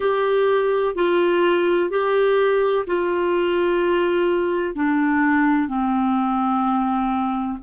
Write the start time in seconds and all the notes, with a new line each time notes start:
0.00 G4
0.95 F4
1.90 G4
2.87 F4
4.75 D4
5.68 C4